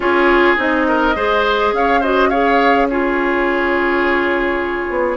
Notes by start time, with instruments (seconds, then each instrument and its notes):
0.00 bassoon C#4, clarinet F4, oboe G#4, flute C#5
0.57 bassoon C4, clarinet D#4, flute D#5
0.88 oboe A#4
1.15 bassoon G#3, clarinet G#4, oboe C5
1.72 bassoon C#4, oboe C#5, flute F5
2.00 clarinet F#4, oboe C5, flute D#5
2.29 clarinet G#4, oboe C#5, flute F5
2.89 clarinet F4, oboe G#4, flute C#5
4.89 bassoon B3